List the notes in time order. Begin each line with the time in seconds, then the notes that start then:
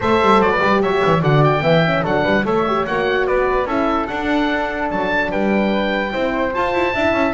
0.00 A3 A4 C5 E5
0.21 G3
0.39 F#3 D5
0.50 B4
0.59 G3 G4
0.82 F#3 C#5 E5
1.05 E3
1.21 D3 F#4 D5 F#5
1.43 G5
1.61 E3 B3 E5
1.85 C#4
2.03 F#3 D4 A4 F#5
2.23 G3 B4
2.44 A3 A4 C#5 E5
2.67 G4
2.86 A#3 F#4 F#5
3.26 B3 B4 D5
3.65 C#4 E4 A4 E5
4.07 D4 F#5
4.90 F#3 A5
5.30 G3 B4 G5
6.11 C4 E4 C5
6.53 F4 A5
6.73 E4
6.93 D4 E4 E5
7.12 C#4